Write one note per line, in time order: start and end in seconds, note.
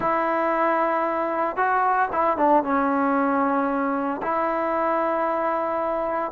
0.00 1.56 E4
1.56 2.09 F#4
2.12 2.37 E4
2.37 2.63 D4
2.63 4.21 C#4
4.22 6.32 E4